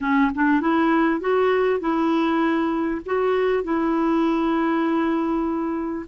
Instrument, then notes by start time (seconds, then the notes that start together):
clarinet
0.01 C#4
0.34 D4
0.60 E4
1.20 F#4
1.79 E4
3.05 F#4
3.63 E4